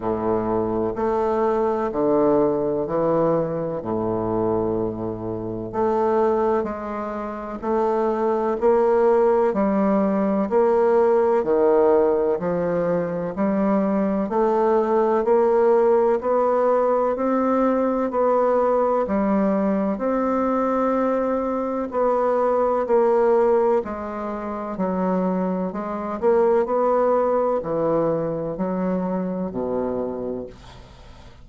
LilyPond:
\new Staff \with { instrumentName = "bassoon" } { \time 4/4 \tempo 4 = 63 a,4 a4 d4 e4 | a,2 a4 gis4 | a4 ais4 g4 ais4 | dis4 f4 g4 a4 |
ais4 b4 c'4 b4 | g4 c'2 b4 | ais4 gis4 fis4 gis8 ais8 | b4 e4 fis4 b,4 | }